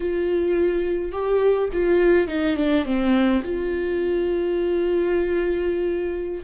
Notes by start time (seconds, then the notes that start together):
0.00 F4
1.11 G4
1.72 F4
2.27 D#4
2.56 D4
2.85 C4
3.44 F4